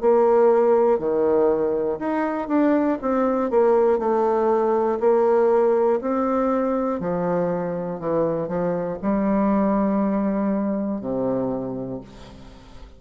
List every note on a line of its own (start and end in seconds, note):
0.00 0.98 A#3
0.98 1.98 D#3
1.99 2.48 D#4
2.48 2.98 D4
3.01 3.50 C4
3.50 3.98 A#3
3.98 4.98 A3
5.00 6.00 A#3
6.00 7.00 C4
7.00 8.00 F3
8.00 8.47 E3
8.47 8.97 F3
9.02 11.00 G3
11.00 12.00 C3